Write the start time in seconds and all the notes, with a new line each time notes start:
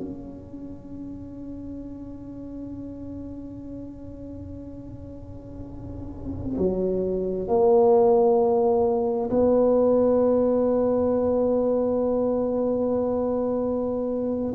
0.00 C#4
6.58 F#3
7.48 A#3
9.30 B3